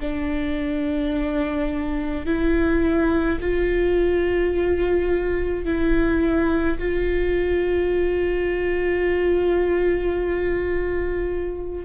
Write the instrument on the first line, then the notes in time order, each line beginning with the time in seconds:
viola
0.00 D4
2.26 E4
3.41 F4
5.66 E4
6.79 F4